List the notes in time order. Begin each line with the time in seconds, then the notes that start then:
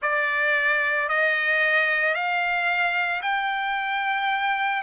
0.02 D5
1.08 D#5
2.14 F5
3.21 G5